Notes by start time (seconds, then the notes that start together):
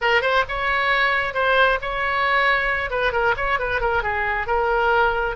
0.01 A#4
0.21 C5
0.48 C#5
1.34 C5
1.81 C#5
2.90 B4
3.12 A#4
3.36 C#5
3.59 B4
3.80 A#4
4.02 G#4
4.46 A#4